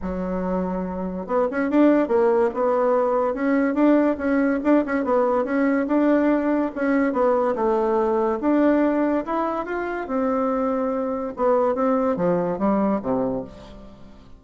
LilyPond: \new Staff \with { instrumentName = "bassoon" } { \time 4/4 \tempo 4 = 143 fis2. b8 cis'8 | d'4 ais4 b2 | cis'4 d'4 cis'4 d'8 cis'8 | b4 cis'4 d'2 |
cis'4 b4 a2 | d'2 e'4 f'4 | c'2. b4 | c'4 f4 g4 c4 | }